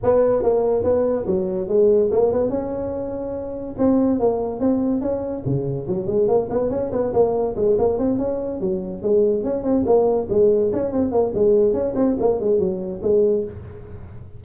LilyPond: \new Staff \with { instrumentName = "tuba" } { \time 4/4 \tempo 4 = 143 b4 ais4 b4 fis4 | gis4 ais8 b8 cis'2~ | cis'4 c'4 ais4 c'4 | cis'4 cis4 fis8 gis8 ais8 b8 |
cis'8 b8 ais4 gis8 ais8 c'8 cis'8~ | cis'8 fis4 gis4 cis'8 c'8 ais8~ | ais8 gis4 cis'8 c'8 ais8 gis4 | cis'8 c'8 ais8 gis8 fis4 gis4 | }